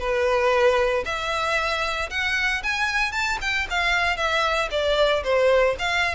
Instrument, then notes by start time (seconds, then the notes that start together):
violin
0.00 B4
1.06 E5
2.11 F#5
2.64 G#5
3.12 A5
3.42 G5
3.71 F5
4.17 E5
4.71 D5
5.24 C5
5.79 F5